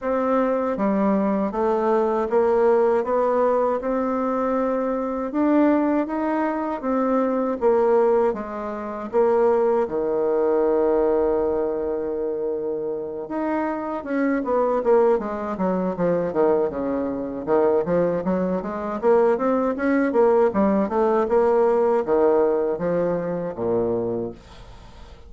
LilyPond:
\new Staff \with { instrumentName = "bassoon" } { \time 4/4 \tempo 4 = 79 c'4 g4 a4 ais4 | b4 c'2 d'4 | dis'4 c'4 ais4 gis4 | ais4 dis2.~ |
dis4. dis'4 cis'8 b8 ais8 | gis8 fis8 f8 dis8 cis4 dis8 f8 | fis8 gis8 ais8 c'8 cis'8 ais8 g8 a8 | ais4 dis4 f4 ais,4 | }